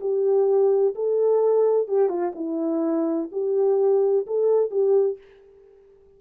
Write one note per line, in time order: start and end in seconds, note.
0.00 0.94 G4
0.95 1.88 A4
1.88 2.09 G4
2.09 2.33 F4
2.35 3.29 E4
3.32 4.26 G4
4.27 4.71 A4
4.71 5.18 G4